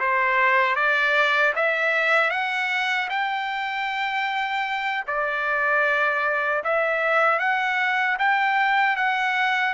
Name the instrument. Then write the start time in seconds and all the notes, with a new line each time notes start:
trumpet
0.00 C5
0.76 D5
1.56 E5
2.31 F#5
3.10 G5
5.08 D5
6.64 E5
7.40 F#5
8.19 G5
8.97 F#5